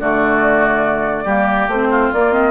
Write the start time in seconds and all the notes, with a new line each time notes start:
0.00 D3 A3 F#4 D5
1.24 G3 A#3 G4
1.68 A3 C4 C5
1.91 F4
2.13 A#3 D5
2.32 C4 D#5